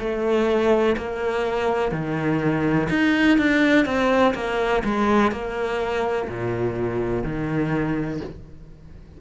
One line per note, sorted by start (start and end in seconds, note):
0.00 0.97 A3
0.98 1.92 A#3
1.92 2.89 D#3
2.90 3.38 D#4
3.39 3.86 D4
3.86 4.35 C4
4.35 4.83 A#3
4.85 5.32 G#3
5.32 6.29 A#3
6.29 7.24 A#2
7.24 8.21 D#3